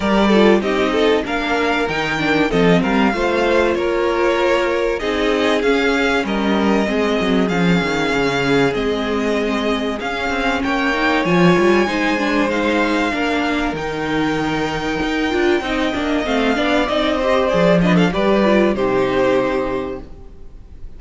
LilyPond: <<
  \new Staff \with { instrumentName = "violin" } { \time 4/4 \tempo 4 = 96 d''4 dis''4 f''4 g''4 | dis''8 f''4. cis''2 | dis''4 f''4 dis''2 | f''2 dis''2 |
f''4 g''4 gis''2 | f''2 g''2~ | g''2 f''4 dis''4 | d''8 dis''16 f''16 d''4 c''2 | }
  \new Staff \with { instrumentName = "violin" } { \time 4/4 ais'8 a'8 g'8 a'8 ais'2 | a'8 ais'8 c''4 ais'2 | gis'2 ais'4 gis'4~ | gis'1~ |
gis'4 cis''2 c''4~ | c''4 ais'2.~ | ais'4 dis''4. d''4 c''8~ | c''8 b'16 a'16 b'4 g'2 | }
  \new Staff \with { instrumentName = "viola" } { \time 4/4 g'8 f'8 dis'4 d'4 dis'8 d'8 | c'4 f'2. | dis'4 cis'2 c'4 | cis'2 c'2 |
cis'4. dis'8 f'4 dis'8 d'8 | dis'4 d'4 dis'2~ | dis'8 f'8 dis'8 d'8 c'8 d'8 dis'8 g'8 | gis'8 d'8 g'8 f'8 dis'2 | }
  \new Staff \with { instrumentName = "cello" } { \time 4/4 g4 c'4 ais4 dis4 | f8 g8 a4 ais2 | c'4 cis'4 g4 gis8 fis8 | f8 dis8 cis4 gis2 |
cis'8 c'8 ais4 f8 g8 gis4~ | gis4 ais4 dis2 | dis'8 d'8 c'8 ais8 a8 b8 c'4 | f4 g4 c2 | }
>>